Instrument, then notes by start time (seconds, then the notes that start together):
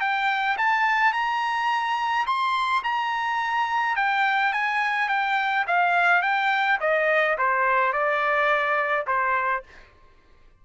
trumpet
0.00 G5
0.58 A5
1.13 A#5
2.26 C6
2.84 A#5
3.96 G5
4.53 G#5
5.09 G5
5.67 F5
6.22 G5
6.81 D#5
7.38 C5
7.93 D5
9.07 C5